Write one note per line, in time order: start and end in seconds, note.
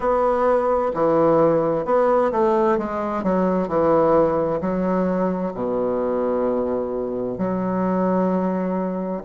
0.00 0.91 B3
0.94 1.85 E3
1.85 2.31 B3
2.31 2.77 A3
2.78 3.23 G#3
3.23 3.68 F#3
3.68 4.60 E3
4.61 5.53 F#3
5.53 7.38 B2
7.38 9.22 F#3